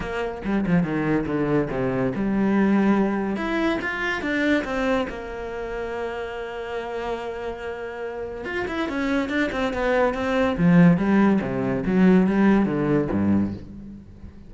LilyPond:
\new Staff \with { instrumentName = "cello" } { \time 4/4 \tempo 4 = 142 ais4 g8 f8 dis4 d4 | c4 g2. | e'4 f'4 d'4 c'4 | ais1~ |
ais1 | f'8 e'8 cis'4 d'8 c'8 b4 | c'4 f4 g4 c4 | fis4 g4 d4 g,4 | }